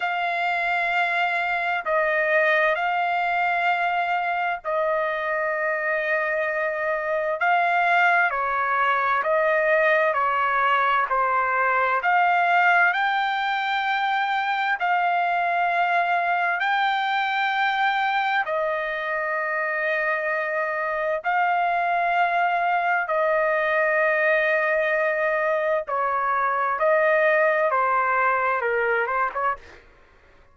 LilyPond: \new Staff \with { instrumentName = "trumpet" } { \time 4/4 \tempo 4 = 65 f''2 dis''4 f''4~ | f''4 dis''2. | f''4 cis''4 dis''4 cis''4 | c''4 f''4 g''2 |
f''2 g''2 | dis''2. f''4~ | f''4 dis''2. | cis''4 dis''4 c''4 ais'8 c''16 cis''16 | }